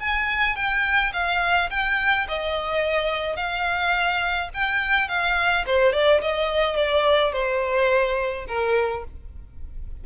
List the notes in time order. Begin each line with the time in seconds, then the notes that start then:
0.00 G#5
0.56 G5
1.13 F5
1.71 G5
2.28 D#5
3.37 F5
4.54 G5
5.09 F5
5.67 C5
5.93 D5
6.21 D#5
6.76 D5
7.33 C5
8.48 A#4